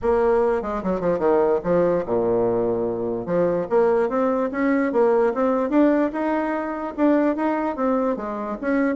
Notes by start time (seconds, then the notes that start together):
0.01 A#3
0.62 G#3
0.83 F#3
1.00 F3
1.18 D#3
1.63 F3
2.06 A#2
3.26 F3
3.69 A#3
4.09 C4
4.51 C#4
4.92 A#3
5.34 C4
5.69 D4
6.12 D#4
6.96 D4
7.36 D#4
7.76 C4
8.16 G#3
8.61 C#4